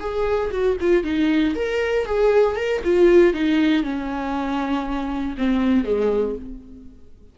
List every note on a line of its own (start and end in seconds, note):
0.00 0.51 G#4
0.51 0.77 F#4
0.81 1.04 F4
1.04 1.55 D#4
1.55 2.06 A#4
2.06 2.56 G#4
2.56 2.82 A#4
2.84 3.34 F4
3.34 3.83 D#4
3.83 5.36 C#4
5.38 5.85 C4
5.85 6.35 G#3